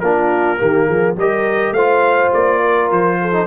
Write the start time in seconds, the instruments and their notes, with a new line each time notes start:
0.00 tuba A#3, trombone D4, horn F4, trumpet A#4
0.57 tuba D#3, trombone A#3, horn G4
0.86 tuba F3, horn G#4
1.17 tuba G3, trombone G4, horn A#4, trumpet D#5
1.71 tuba A3, horn C5, trumpet F5
1.77 trombone F4
2.34 tuba A#3, trumpet D5
2.61 horn A#4
2.91 tuba F3, trumpet C5
3.21 horn A4
3.33 trombone D#4